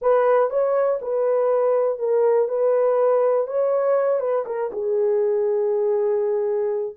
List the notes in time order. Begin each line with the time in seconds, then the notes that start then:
0.01 B4
0.50 C#5
1.01 B4
1.98 A#4
2.48 B4
3.47 C#5
4.19 B4
4.46 A#4
4.72 G#4